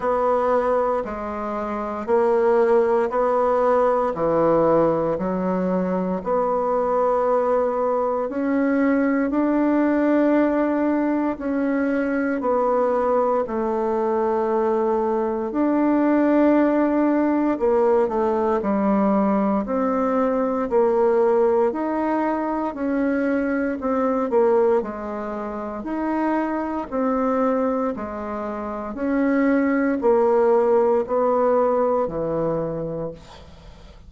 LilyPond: \new Staff \with { instrumentName = "bassoon" } { \time 4/4 \tempo 4 = 58 b4 gis4 ais4 b4 | e4 fis4 b2 | cis'4 d'2 cis'4 | b4 a2 d'4~ |
d'4 ais8 a8 g4 c'4 | ais4 dis'4 cis'4 c'8 ais8 | gis4 dis'4 c'4 gis4 | cis'4 ais4 b4 e4 | }